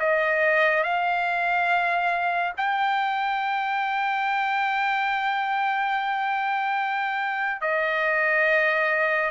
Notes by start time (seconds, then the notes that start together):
0.00 D#5
0.84 F5
2.58 G5
7.62 D#5